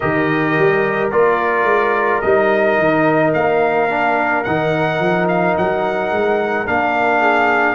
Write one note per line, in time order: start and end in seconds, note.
0.00 0.58 D#3
0.00 1.11 G4
0.00 7.19 A#4
0.00 1.10 D#5
0.58 1.11 G3
1.11 1.64 A#3
1.11 2.22 F4
1.11 2.21 D5
1.64 2.19 G#3
2.21 2.78 G3
2.21 3.89 D#4
2.21 3.32 D#5
2.78 3.34 D#3
3.33 4.45 A#3
3.33 4.43 F5
3.89 4.44 D4
4.43 4.99 D#3
4.43 6.66 D#4
4.43 5.26 F#5
4.99 5.55 F3
5.28 5.56 F5
5.57 6.11 F#3
5.57 6.67 F#5
6.11 6.67 G#3
6.66 7.75 A#3
6.66 7.75 D4
6.66 7.75 F5
7.19 7.75 G#4